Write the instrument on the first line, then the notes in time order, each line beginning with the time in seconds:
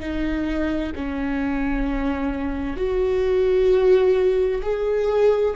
viola
0.00 D#4
0.96 C#4
2.77 F#4
4.63 G#4